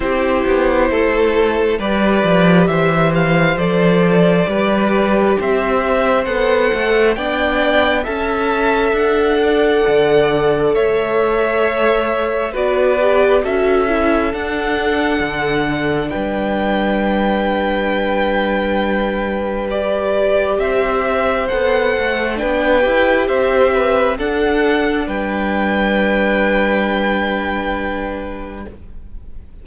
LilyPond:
<<
  \new Staff \with { instrumentName = "violin" } { \time 4/4 \tempo 4 = 67 c''2 d''4 e''8 f''8 | d''2 e''4 fis''4 | g''4 a''4 fis''2 | e''2 d''4 e''4 |
fis''2 g''2~ | g''2 d''4 e''4 | fis''4 g''4 e''4 fis''4 | g''1 | }
  \new Staff \with { instrumentName = "violin" } { \time 4/4 g'4 a'4 b'4 c''4~ | c''4 b'4 c''2 | d''4 e''4. d''4. | cis''2 b'4 a'4~ |
a'2 b'2~ | b'2. c''4~ | c''4 b'4 c''8 b'8 a'4 | b'1 | }
  \new Staff \with { instrumentName = "viola" } { \time 4/4 e'2 g'2 | a'4 g'2 a'4 | d'4 a'2.~ | a'2 fis'8 g'8 fis'8 e'8 |
d'1~ | d'2 g'2 | a'4 d'8 g'4. d'4~ | d'1 | }
  \new Staff \with { instrumentName = "cello" } { \time 4/4 c'8 b8 a4 g8 f8 e4 | f4 g4 c'4 b8 a8 | b4 cis'4 d'4 d4 | a2 b4 cis'4 |
d'4 d4 g2~ | g2. c'4 | b8 a8 b8 e'8 c'4 d'4 | g1 | }
>>